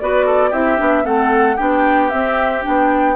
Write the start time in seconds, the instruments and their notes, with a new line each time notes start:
0.00 bassoon B3, clarinet F#4, oboe B4, flute D5
0.26 oboe A4
0.50 bassoon C4, clarinet E4, oboe G4, flute E5
0.78 bassoon B3, clarinet D4
1.04 bassoon A3, clarinet C4, oboe A4, flute F#5
1.57 bassoon B3, clarinet D4, oboe G4, flute G5
2.10 clarinet C4, bassoon C4, flute E5
2.63 bassoon B3, clarinet D4, flute G5